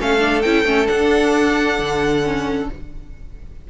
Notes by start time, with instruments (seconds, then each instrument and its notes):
0.00 cello A3, viola C#4, violin A4 F5
0.20 viola D4
0.42 cello C#4, viola E4, violin G5
0.65 cello A3, viola C#4
0.87 viola D4, cello D4, violin F#5
1.79 cello D3
2.24 viola C#4